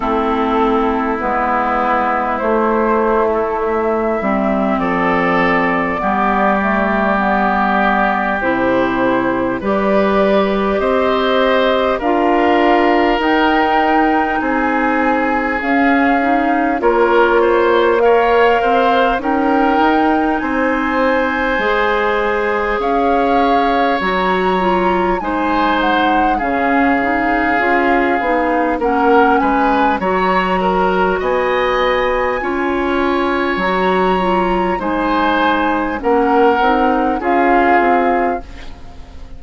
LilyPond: <<
  \new Staff \with { instrumentName = "flute" } { \time 4/4 \tempo 4 = 50 a'4 b'4 c''8. a'16 e''4 | d''2. c''4 | d''4 dis''4 f''4 g''4 | gis''4 f''4 cis''4 f''4 |
g''4 gis''2 f''4 | ais''4 gis''8 fis''8 f''2 | fis''8 gis''8 ais''4 gis''2 | ais''4 gis''4 fis''4 f''4 | }
  \new Staff \with { instrumentName = "oboe" } { \time 4/4 e'1 | a'4 g'2. | b'4 c''4 ais'2 | gis'2 ais'8 c''8 cis''8 c''8 |
ais'4 c''2 cis''4~ | cis''4 c''4 gis'2 | ais'8 b'8 cis''8 ais'8 dis''4 cis''4~ | cis''4 c''4 ais'4 gis'4 | }
  \new Staff \with { instrumentName = "clarinet" } { \time 4/4 c'4 b4 a4. c'8~ | c'4 b8 a8 b4 e'4 | g'2 f'4 dis'4~ | dis'4 cis'8 dis'8 f'4 ais'4 |
dis'2 gis'2 | fis'8 f'8 dis'4 cis'8 dis'8 f'8 dis'8 | cis'4 fis'2 f'4 | fis'8 f'8 dis'4 cis'8 dis'8 f'4 | }
  \new Staff \with { instrumentName = "bassoon" } { \time 4/4 a4 gis4 a4. g8 | f4 g2 c4 | g4 c'4 d'4 dis'4 | c'4 cis'4 ais4. c'8 |
cis'8 dis'8 c'4 gis4 cis'4 | fis4 gis4 cis4 cis'8 b8 | ais8 gis8 fis4 b4 cis'4 | fis4 gis4 ais8 c'8 cis'8 c'8 | }
>>